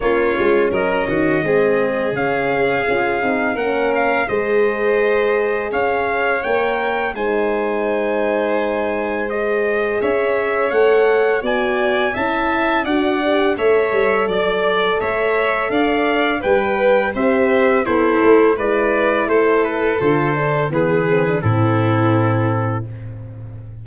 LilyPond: <<
  \new Staff \with { instrumentName = "trumpet" } { \time 4/4 \tempo 4 = 84 cis''4 dis''2 f''4~ | f''4 fis''8 f''8 dis''2 | f''4 g''4 gis''2~ | gis''4 dis''4 e''4 fis''4 |
gis''4 a''4 fis''4 e''4 | d''4 e''4 f''4 g''4 | e''4 c''4 d''4 c''8 b'8 | c''4 b'4 a'2 | }
  \new Staff \with { instrumentName = "violin" } { \time 4/4 f'4 ais'8 fis'8 gis'2~ | gis'4 ais'4 c''2 | cis''2 c''2~ | c''2 cis''2 |
d''4 e''4 d''4 cis''4 | d''4 cis''4 d''4 b'4 | c''4 e'4 b'4 a'4~ | a'4 gis'4 e'2 | }
  \new Staff \with { instrumentName = "horn" } { \time 4/4 cis'2 c'4 cis'4 | f'8 dis'8 cis'4 gis'2~ | gis'4 ais'4 dis'2~ | dis'4 gis'2 a'4 |
fis'4 e'4 fis'8 g'8 a'4~ | a'2. b'4 | g'4 a'4 e'2 | f'8 d'8 b8 c'16 d'16 c'2 | }
  \new Staff \with { instrumentName = "tuba" } { \time 4/4 ais8 gis8 fis8 dis8 gis4 cis4 | cis'8 c'8 ais4 gis2 | cis'4 ais4 gis2~ | gis2 cis'4 a4 |
b4 cis'4 d'4 a8 g8 | fis4 a4 d'4 g4 | c'4 b8 a8 gis4 a4 | d4 e4 a,2 | }
>>